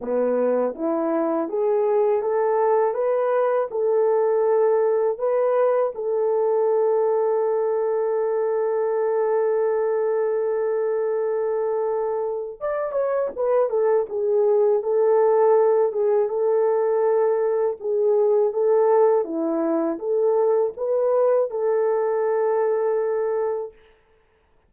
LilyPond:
\new Staff \with { instrumentName = "horn" } { \time 4/4 \tempo 4 = 81 b4 e'4 gis'4 a'4 | b'4 a'2 b'4 | a'1~ | a'1~ |
a'4 d''8 cis''8 b'8 a'8 gis'4 | a'4. gis'8 a'2 | gis'4 a'4 e'4 a'4 | b'4 a'2. | }